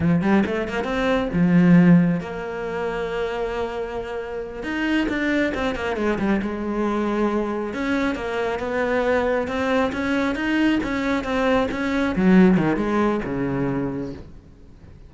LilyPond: \new Staff \with { instrumentName = "cello" } { \time 4/4 \tempo 4 = 136 f8 g8 a8 ais8 c'4 f4~ | f4 ais2.~ | ais2~ ais8 dis'4 d'8~ | d'8 c'8 ais8 gis8 g8 gis4.~ |
gis4. cis'4 ais4 b8~ | b4. c'4 cis'4 dis'8~ | dis'8 cis'4 c'4 cis'4 fis8~ | fis8 dis8 gis4 cis2 | }